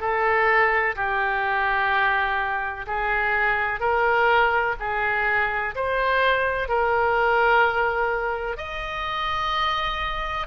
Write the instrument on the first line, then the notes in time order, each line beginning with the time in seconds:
oboe
0.00 A4
0.96 G4
2.87 G#4
3.80 A#4
4.80 G#4
5.75 C5
6.68 A#4
8.57 D#5